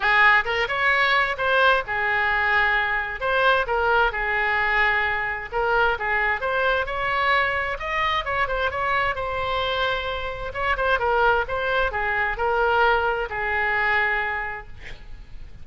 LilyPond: \new Staff \with { instrumentName = "oboe" } { \time 4/4 \tempo 4 = 131 gis'4 ais'8 cis''4. c''4 | gis'2. c''4 | ais'4 gis'2. | ais'4 gis'4 c''4 cis''4~ |
cis''4 dis''4 cis''8 c''8 cis''4 | c''2. cis''8 c''8 | ais'4 c''4 gis'4 ais'4~ | ais'4 gis'2. | }